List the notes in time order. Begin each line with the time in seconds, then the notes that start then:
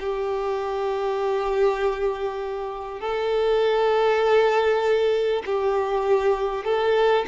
0.00 G4
3.01 A4
5.46 G4
6.65 A4